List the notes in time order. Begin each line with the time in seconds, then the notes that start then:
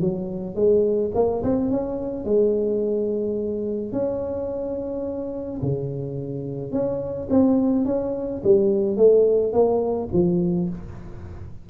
0.00 F#3
0.55 G#3
1.15 A#3
1.43 C4
1.71 C#4
2.25 G#3
3.92 C#4
5.62 C#3
6.72 C#4
7.30 C4
7.85 C#4
8.44 G3
8.97 A3
9.53 A#3
10.13 F3